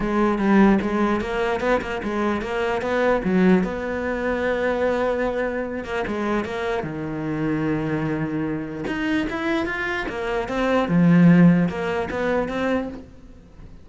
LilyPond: \new Staff \with { instrumentName = "cello" } { \time 4/4 \tempo 4 = 149 gis4 g4 gis4 ais4 | b8 ais8 gis4 ais4 b4 | fis4 b2.~ | b2~ b8 ais8 gis4 |
ais4 dis2.~ | dis2 dis'4 e'4 | f'4 ais4 c'4 f4~ | f4 ais4 b4 c'4 | }